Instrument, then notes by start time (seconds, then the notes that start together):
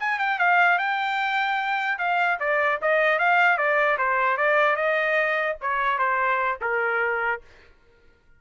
trumpet
0.00 G#5
0.19 G5
0.39 F5
0.79 G5
1.99 F5
2.40 D5
2.82 D#5
3.19 F5
3.58 D5
3.99 C5
4.38 D5
4.77 D#5
5.62 C#5
5.99 C5
6.62 A#4